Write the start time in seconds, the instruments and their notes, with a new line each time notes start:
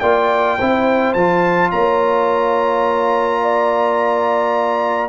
0.00 tuba A#3, trombone F4, horn D5, trumpet G5
0.59 tuba C4, trombone E4, horn C5
1.13 tuba F3, trombone F4, trumpet A5
1.71 tuba A#3, horn C#5, trumpet A#5
3.42 horn D5